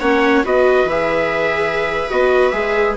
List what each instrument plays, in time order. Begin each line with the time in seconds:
0.00 bassoon A#3, viola C#4 C#5, trumpet F#5
0.44 bassoon B3, viola F#4 B4, trumpet D#5
0.84 bassoon E3, trumpet E5
0.91 viola G#4
2.10 bassoon B3, viola F#4, trumpet D#5
2.50 bassoon G#3, viola G#4, trumpet E5